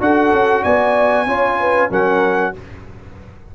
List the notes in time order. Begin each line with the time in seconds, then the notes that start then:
0.00 D4 F#4 A4 F#5
0.32 C#4
0.63 B3 D5 G#5
1.26 C#4 F4 C#5
1.60 B4
1.90 F#3 C#4 A#4 F#5